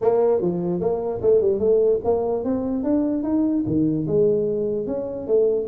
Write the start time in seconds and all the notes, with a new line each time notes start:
0.01 A#3
0.41 F3
0.80 A#3
1.21 A3
1.41 G3
1.59 A3
2.04 A#3
2.43 C4
2.83 D4
3.23 D#4
3.66 D#3
4.07 G#3
4.86 C#4
5.27 A3